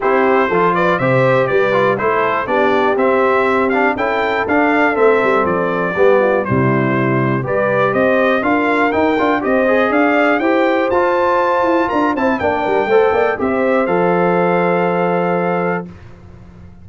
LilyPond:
<<
  \new Staff \with { instrumentName = "trumpet" } { \time 4/4 \tempo 4 = 121 c''4. d''8 e''4 d''4 | c''4 d''4 e''4. f''8 | g''4 f''4 e''4 d''4~ | d''4 c''2 d''4 |
dis''4 f''4 g''4 dis''4 | f''4 g''4 a''2 | ais''8 a''8 g''2 e''4 | f''1 | }
  \new Staff \with { instrumentName = "horn" } { \time 4/4 g'4 a'8 b'8 c''4 b'4 | a'4 g'2. | a'1 | g'8 f'8 e'2 b'4 |
c''4 ais'2 c''4 | d''4 c''2. | ais'8 c''8 d''8 ais'8 c''8 d''8 c''4~ | c''1 | }
  \new Staff \with { instrumentName = "trombone" } { \time 4/4 e'4 f'4 g'4. f'8 | e'4 d'4 c'4. d'8 | e'4 d'4 c'2 | b4 g2 g'4~ |
g'4 f'4 dis'8 f'8 g'8 gis'8~ | gis'4 g'4 f'2~ | f'8 e'8 d'4 a'4 g'4 | a'1 | }
  \new Staff \with { instrumentName = "tuba" } { \time 4/4 c'4 f4 c4 g4 | a4 b4 c'2 | cis'4 d'4 a8 g8 f4 | g4 c2 g4 |
c'4 d'4 dis'8 d'8 c'4 | d'4 e'4 f'4. e'8 | d'8 c'8 ais8 g8 a8 ais8 c'4 | f1 | }
>>